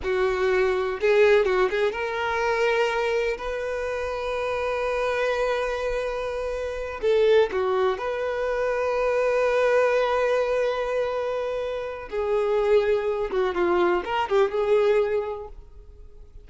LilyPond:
\new Staff \with { instrumentName = "violin" } { \time 4/4 \tempo 4 = 124 fis'2 gis'4 fis'8 gis'8 | ais'2. b'4~ | b'1~ | b'2~ b'8 a'4 fis'8~ |
fis'8 b'2.~ b'8~ | b'1~ | b'4 gis'2~ gis'8 fis'8 | f'4 ais'8 g'8 gis'2 | }